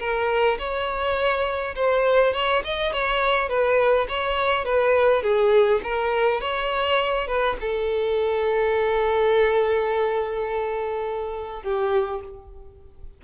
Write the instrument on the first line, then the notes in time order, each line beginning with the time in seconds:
violin
0.00 A#4
0.59 C#5
1.76 C5
2.34 C#5
2.65 D#5
2.93 C#5
3.49 B4
4.09 C#5
4.65 B4
5.23 G#4
5.84 A#4
6.41 C#5
7.28 B4
7.61 A4
11.63 G4